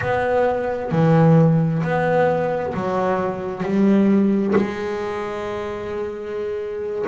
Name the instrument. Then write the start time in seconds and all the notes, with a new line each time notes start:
double bass
0.01 B3
0.91 E3
1.82 B3
2.74 F#3
3.63 G3
4.55 G#3